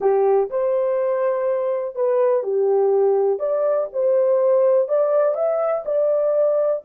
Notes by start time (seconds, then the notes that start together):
0.00 G4
0.49 C5
1.95 B4
2.43 G4
3.39 D5
3.92 C5
4.88 D5
5.34 E5
5.85 D5